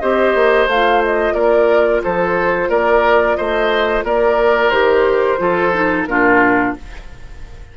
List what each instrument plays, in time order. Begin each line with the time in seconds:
0.00 bassoon C4, clarinet G4, oboe C5, flute D#5
0.35 bassoon A#3
0.67 bassoon A3, clarinet F4, flute F5
1.04 flute D#5
1.34 bassoon A#3, oboe A#4, flute D5
2.04 bassoon F3, oboe A4, flute C5
2.69 bassoon A#3, oboe A#4, flute D5
3.36 bassoon A3, oboe C5, flute D#5
4.04 bassoon A#3, oboe A#4, flute D5
4.70 bassoon D#3, clarinet G4, flute C5
5.38 bassoon F3, clarinet F4, oboe A4
5.74 clarinet D#4
6.06 bassoon A#2, clarinet D4, oboe F4, flute A#4